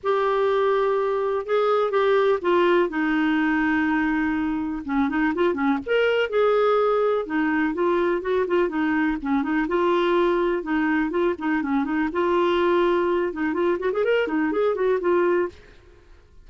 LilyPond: \new Staff \with { instrumentName = "clarinet" } { \time 4/4 \tempo 4 = 124 g'2. gis'4 | g'4 f'4 dis'2~ | dis'2 cis'8 dis'8 f'8 cis'8 | ais'4 gis'2 dis'4 |
f'4 fis'8 f'8 dis'4 cis'8 dis'8 | f'2 dis'4 f'8 dis'8 | cis'8 dis'8 f'2~ f'8 dis'8 | f'8 fis'16 gis'16 ais'8 dis'8 gis'8 fis'8 f'4 | }